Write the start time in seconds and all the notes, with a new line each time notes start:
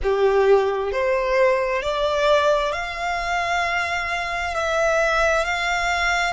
0.02 G4
0.92 C5
1.82 D5
2.72 F5
4.54 E5
5.44 F5